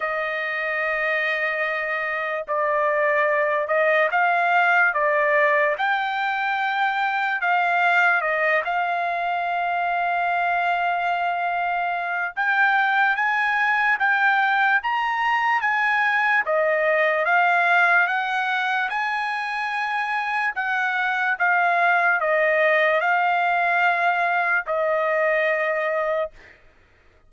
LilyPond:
\new Staff \with { instrumentName = "trumpet" } { \time 4/4 \tempo 4 = 73 dis''2. d''4~ | d''8 dis''8 f''4 d''4 g''4~ | g''4 f''4 dis''8 f''4.~ | f''2. g''4 |
gis''4 g''4 ais''4 gis''4 | dis''4 f''4 fis''4 gis''4~ | gis''4 fis''4 f''4 dis''4 | f''2 dis''2 | }